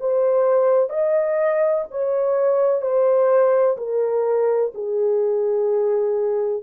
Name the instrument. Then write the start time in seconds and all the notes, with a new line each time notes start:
horn
0.00 C5
0.90 D#5
1.90 C#5
2.81 C5
3.77 A#4
4.74 G#4